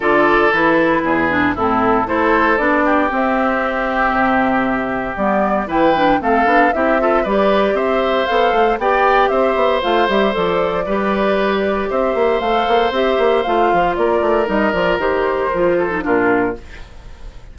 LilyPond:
<<
  \new Staff \with { instrumentName = "flute" } { \time 4/4 \tempo 4 = 116 d''4 b'2 a'4 | c''4 d''4 e''2~ | e''2 d''4 g''4 | f''4 e''4 d''4 e''4 |
f''4 g''4 e''4 f''8 e''8 | d''2. e''4 | f''4 e''4 f''4 d''4 | dis''8 d''8 c''2 ais'4 | }
  \new Staff \with { instrumentName = "oboe" } { \time 4/4 a'2 gis'4 e'4 | a'4. g'2~ g'8~ | g'2. b'4 | a'4 g'8 a'8 b'4 c''4~ |
c''4 d''4 c''2~ | c''4 b'2 c''4~ | c''2. ais'4~ | ais'2~ ais'8 a'8 f'4 | }
  \new Staff \with { instrumentName = "clarinet" } { \time 4/4 f'4 e'4. d'8 c'4 | e'4 d'4 c'2~ | c'2 b4 e'8 d'8 | c'8 d'8 e'8 f'8 g'2 |
a'4 g'2 f'8 g'8 | a'4 g'2. | a'4 g'4 f'2 | dis'8 f'8 g'4 f'8. dis'16 d'4 | }
  \new Staff \with { instrumentName = "bassoon" } { \time 4/4 d4 e4 e,4 a,4 | a4 b4 c'2 | c2 g4 e4 | a8 b8 c'4 g4 c'4 |
b8 a8 b4 c'8 b8 a8 g8 | f4 g2 c'8 ais8 | a8 ais8 c'8 ais8 a8 f8 ais8 a8 | g8 f8 dis4 f4 ais,4 | }
>>